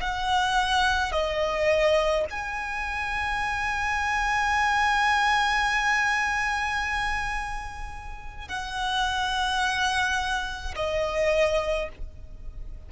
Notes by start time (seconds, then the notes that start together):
0.00 F#5
1.12 D#5
2.30 G#5
8.48 F#5
10.75 D#5